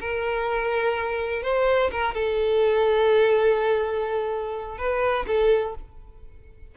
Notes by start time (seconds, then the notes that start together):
0.00 A#4
1.42 C5
1.91 A#4
2.14 A4
4.78 B4
5.27 A4